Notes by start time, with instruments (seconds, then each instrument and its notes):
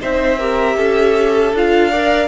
0.00 cello C4, viola D#4, violin C5 E5
0.40 viola G4, violin A#4
0.76 cello C#4, violin A4
1.53 cello D4, viola F4, violin F5
1.91 viola A#4, violin D5